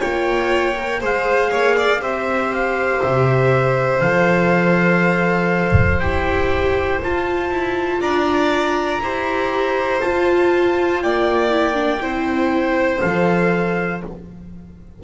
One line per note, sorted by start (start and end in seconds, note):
0.00 1.03 A#3
0.00 0.75 F4
0.00 1.00 C#5
0.00 1.01 G5
0.76 1.01 A#4
1.00 1.52 G#3
1.00 2.00 G#4
1.00 1.50 C5
1.00 2.03 F5
1.51 2.01 A#3
1.51 1.76 C#5
1.76 2.01 D5
2.00 3.01 C4
2.00 4.00 G4
2.00 8.01 C5
2.00 2.53 E5
2.53 3.03 F5
3.03 4.01 C3
3.03 4.01 E5
4.01 6.00 F3
4.01 6.01 A4
4.01 6.00 F5
6.00 7.00 E4
6.00 7.02 G4
6.00 7.00 G5
7.02 9.02 F4
7.02 7.50 F4
7.02 8.01 A5
7.50 8.00 E4
8.00 9.00 D4
8.00 9.01 D5
8.00 10.01 A#5
9.01 10.01 E4
9.01 10.02 G4
9.01 11.03 C5
10.01 11.51 F4
10.01 11.04 F4
10.01 11.01 A5
11.02 12.01 A#3
11.02 12.02 D5
11.02 13.01 G5
11.51 11.74 E4
11.74 11.99 D4
11.99 13.01 C4
11.99 12.99 E4
11.99 14.02 C5
13.01 14.04 F3
13.01 14.02 A4
13.01 14.01 F5